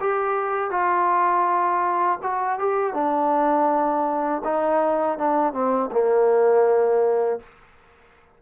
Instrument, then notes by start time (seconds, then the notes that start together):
trombone
0.00 G4
0.71 F4
2.23 F#4
2.59 G4
2.94 D4
4.44 D#4
5.18 D4
5.53 C4
5.92 A#3